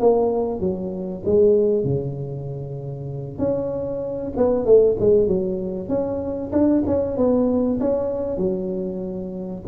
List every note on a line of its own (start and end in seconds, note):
0.00 0.61 A#3
0.61 1.23 F#3
1.25 1.84 G#3
1.84 3.39 C#3
3.39 4.33 C#4
4.37 4.66 B3
4.66 4.97 A3
5.00 5.28 G#3
5.28 5.89 F#3
5.89 6.51 C#4
6.52 6.84 D4
6.87 7.17 C#4
7.17 7.80 B3
7.80 8.38 C#4
8.38 9.63 F#3